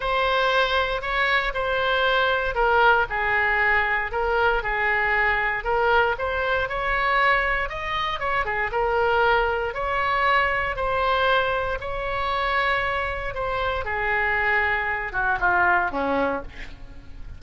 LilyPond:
\new Staff \with { instrumentName = "oboe" } { \time 4/4 \tempo 4 = 117 c''2 cis''4 c''4~ | c''4 ais'4 gis'2 | ais'4 gis'2 ais'4 | c''4 cis''2 dis''4 |
cis''8 gis'8 ais'2 cis''4~ | cis''4 c''2 cis''4~ | cis''2 c''4 gis'4~ | gis'4. fis'8 f'4 cis'4 | }